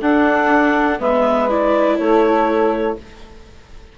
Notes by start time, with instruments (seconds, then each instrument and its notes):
0.00 bassoon D4, viola D4, saxophone A4, clarinet F#5
0.99 bassoon G#3, viola B3, saxophone B4, clarinet E5
1.49 viola E4, clarinet D5
1.98 bassoon A3, saxophone A4, clarinet C#5